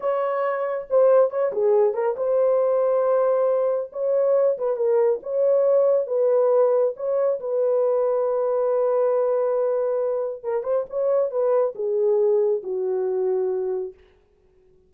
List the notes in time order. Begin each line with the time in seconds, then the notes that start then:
0.00 C#5
0.90 C5
1.30 C#5
1.52 G#4
1.93 A#4
2.16 C5
3.92 C#5
4.58 B4
4.76 A#4
5.23 C#5
6.07 B4
6.96 C#5
7.40 B4
10.43 A#4
10.63 C5
10.89 C#5
11.30 B4
11.75 G#4
12.63 F#4